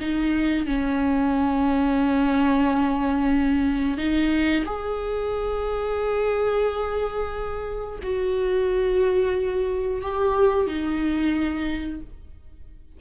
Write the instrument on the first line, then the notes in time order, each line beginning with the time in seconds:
viola
0.00 D#4
0.66 C#4
3.97 D#4
4.65 G#4
8.02 F#4
10.01 G4
10.67 D#4